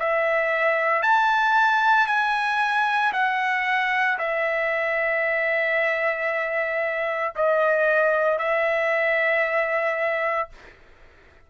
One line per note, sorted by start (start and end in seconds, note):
0.00 1.03 E5
1.03 2.07 A5
2.07 3.12 G#5
3.13 4.18 F#5
4.19 7.34 E5
7.36 8.39 D#5
8.39 10.49 E5